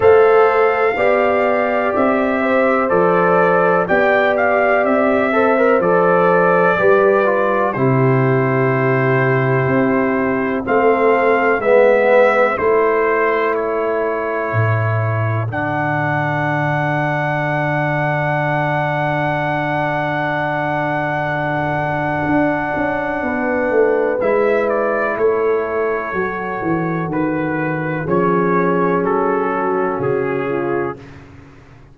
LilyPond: <<
  \new Staff \with { instrumentName = "trumpet" } { \time 4/4 \tempo 4 = 62 f''2 e''4 d''4 | g''8 f''8 e''4 d''2 | c''2. f''4 | e''4 c''4 cis''2 |
fis''1~ | fis''1~ | fis''4 e''8 d''8 cis''2 | b'4 cis''4 a'4 gis'4 | }
  \new Staff \with { instrumentName = "horn" } { \time 4/4 c''4 d''4. c''4. | d''4. c''4. b'4 | g'2. a'4 | b'4 a'2.~ |
a'1~ | a'1 | b'2 a'2~ | a'4 gis'4. fis'4 f'8 | }
  \new Staff \with { instrumentName = "trombone" } { \time 4/4 a'4 g'2 a'4 | g'4. a'16 ais'16 a'4 g'8 f'8 | e'2. c'4 | b4 e'2. |
d'1~ | d'1~ | d'4 e'2 fis'4~ | fis'4 cis'2. | }
  \new Staff \with { instrumentName = "tuba" } { \time 4/4 a4 b4 c'4 f4 | b4 c'4 f4 g4 | c2 c'4 a4 | gis4 a2 a,4 |
d1~ | d2. d'8 cis'8 | b8 a8 gis4 a4 fis8 e8 | dis4 f4 fis4 cis4 | }
>>